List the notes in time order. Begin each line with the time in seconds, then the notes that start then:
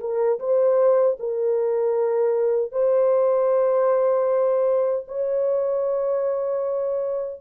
0.00 A#4
0.39 C5
1.19 A#4
2.72 C5
5.08 C#5